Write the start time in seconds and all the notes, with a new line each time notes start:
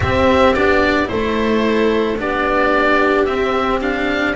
0.00 C4 G4 E5
0.54 B3 D4 D5
1.05 E4 A4 C5
1.11 A3
2.18 B3 D4 G4 D5
3.25 C4 E5
3.80 D4 F5